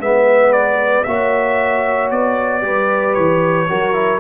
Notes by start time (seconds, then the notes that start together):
0.00 G#3 B3 B4 E5
0.52 D5
1.04 A#3 F#4 C#5 E5
2.11 B3 D5
2.61 G3 G4 B4
3.14 E3 C#5
3.69 F#3 F#4 A#4
3.93 E4